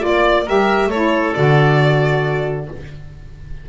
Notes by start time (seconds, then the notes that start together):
0.00 A#3 F4 D5
0.45 G3 G4 A#4 E5
0.87 A3 A4 C#5
0.93 E4
1.34 D3 F#4 D5